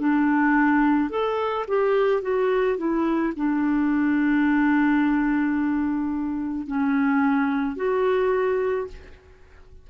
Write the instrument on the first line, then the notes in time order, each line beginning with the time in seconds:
clarinet
0.00 D4
1.10 A4
1.68 G4
2.22 F#4
2.78 E4
3.36 D4
6.68 C#4
7.77 F#4